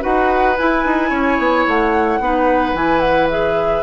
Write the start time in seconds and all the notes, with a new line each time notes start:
0.00 D#4 F#4 B4 F#5
0.57 E4 G#5
0.85 D#4
1.10 C#4 C#5
1.38 B3
1.67 A3 F#5
2.20 B3 D#4 B4
2.73 E3 E4 G#5
3.00 F#5
3.30 G#4 E5